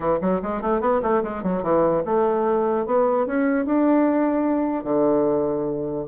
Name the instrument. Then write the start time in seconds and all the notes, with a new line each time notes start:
bassoon
0.00 E3
0.21 F#3
0.42 G#3
0.61 A3
0.80 B3
1.02 A3
1.23 G#3
1.43 F#3
1.62 E3
2.05 A3
2.86 B3
3.26 C#4
3.65 D4
4.84 D3